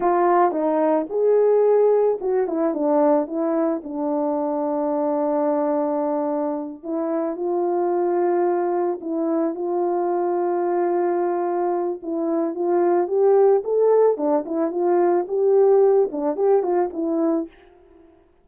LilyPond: \new Staff \with { instrumentName = "horn" } { \time 4/4 \tempo 4 = 110 f'4 dis'4 gis'2 | fis'8 e'8 d'4 e'4 d'4~ | d'1~ | d'8 e'4 f'2~ f'8~ |
f'8 e'4 f'2~ f'8~ | f'2 e'4 f'4 | g'4 a'4 d'8 e'8 f'4 | g'4. d'8 g'8 f'8 e'4 | }